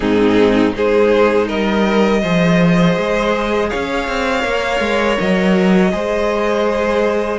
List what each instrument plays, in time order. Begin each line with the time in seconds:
0.00 cello G#2, viola C4, violin D#4 G#4
0.72 cello G#3, viola D#4, violin G#4 C5
1.47 cello G3, violin A#4 D#5
2.21 cello F3, viola G#4, violin C5
2.97 cello G#3
3.69 cello C#4, violin C#5 F5
4.07 cello C4
4.41 cello A#3, viola A#4
4.80 cello G#3
5.18 cello F#3, violin D#5
5.91 cello G#3, viola G#4, violin C5